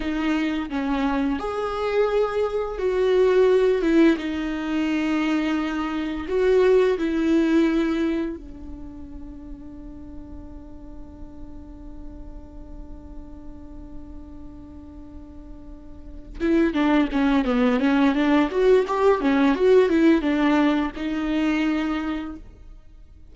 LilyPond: \new Staff \with { instrumentName = "viola" } { \time 4/4 \tempo 4 = 86 dis'4 cis'4 gis'2 | fis'4. e'8 dis'2~ | dis'4 fis'4 e'2 | d'1~ |
d'1~ | d'2.~ d'8 e'8 | d'8 cis'8 b8 cis'8 d'8 fis'8 g'8 cis'8 | fis'8 e'8 d'4 dis'2 | }